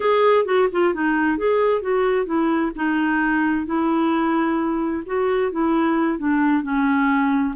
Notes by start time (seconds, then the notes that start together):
0.00 G#4
0.45 F#4
0.71 F4
0.94 D#4
1.37 G#4
1.81 F#4
2.25 E4
2.75 D#4
3.66 E4
5.05 F#4
5.51 E4
6.18 D4
6.62 C#4